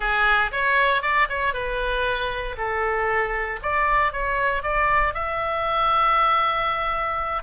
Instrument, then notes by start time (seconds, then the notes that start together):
oboe
0.00 G#4
0.51 C#5
1.02 D5
1.29 C#5
1.53 B4
2.57 A4
3.62 D5
4.12 C#5
4.62 D5
5.14 E5